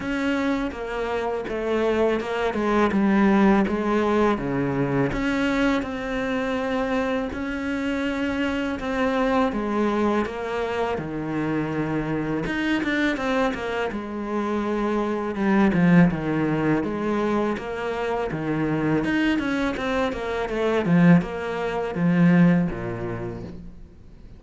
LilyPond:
\new Staff \with { instrumentName = "cello" } { \time 4/4 \tempo 4 = 82 cis'4 ais4 a4 ais8 gis8 | g4 gis4 cis4 cis'4 | c'2 cis'2 | c'4 gis4 ais4 dis4~ |
dis4 dis'8 d'8 c'8 ais8 gis4~ | gis4 g8 f8 dis4 gis4 | ais4 dis4 dis'8 cis'8 c'8 ais8 | a8 f8 ais4 f4 ais,4 | }